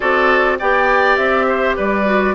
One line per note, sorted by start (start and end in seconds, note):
0.00 0.60 C4
0.00 0.59 F#4
0.00 0.57 A4
0.00 0.58 D5
0.58 1.17 B3
0.58 2.05 G4
0.58 1.46 D5
0.58 1.16 G5
1.16 1.76 C4
1.16 1.75 E5
1.47 1.76 C5
1.76 2.34 G3
1.76 2.34 B4
1.76 2.34 D5
2.05 2.34 F#4